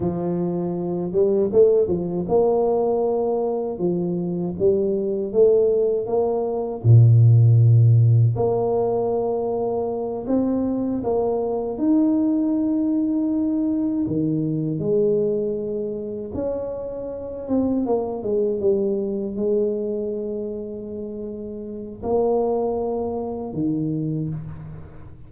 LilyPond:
\new Staff \with { instrumentName = "tuba" } { \time 4/4 \tempo 4 = 79 f4. g8 a8 f8 ais4~ | ais4 f4 g4 a4 | ais4 ais,2 ais4~ | ais4. c'4 ais4 dis'8~ |
dis'2~ dis'8 dis4 gis8~ | gis4. cis'4. c'8 ais8 | gis8 g4 gis2~ gis8~ | gis4 ais2 dis4 | }